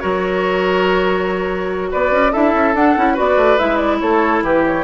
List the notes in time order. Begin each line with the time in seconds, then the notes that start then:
0.00 F#3 F#4 A#4 C#5
1.92 B3 B4 D5
2.12 C#4
2.33 D4 E4 A4 E5
2.54 C#4
2.74 D4 F#5
2.97 C#4 E4
3.14 B3 F#4 B4 D5
3.37 A3
3.59 G#3 E4 E5
3.77 D5
4.00 A3 A4 C#5
4.43 E3 G4 B4
4.67 C#5